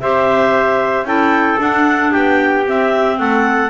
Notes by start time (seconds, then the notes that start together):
0.00 C4 G4 C5 E5
1.03 C#4 E4 A4 G5
1.58 D4 F#5
2.11 B3 G4 G5
2.67 C4 E5
3.18 A3 A4 F#5